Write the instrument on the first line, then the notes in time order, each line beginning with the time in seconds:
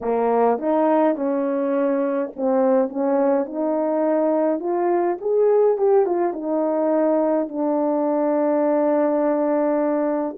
horn
0.01 A#3
0.58 D#4
1.15 C#4
2.35 C4
2.89 C#4
3.45 D#4
4.59 F4
5.21 G#4
5.77 G4
6.06 F4
6.33 D#4
7.48 D4